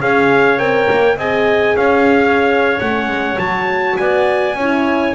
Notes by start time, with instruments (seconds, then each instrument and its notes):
0.00 double bass C#4, horn G#4, clarinet C#5, trumpet F5
0.59 double bass C4, horn A#4, trumpet G5
0.91 double bass A#3
1.17 double bass C4, horn G#4, clarinet D#5, trumpet G#5
1.77 double bass C#4, clarinet C#5, trumpet F5
2.80 double bass A3, horn C#4, trumpet F#5
3.08 double bass G#3
3.37 double bass F#3, horn F#4, trumpet A5
3.97 double bass B3, clarinet D5, trumpet G#5
4.55 double bass C#4, horn E4, clarinet C#5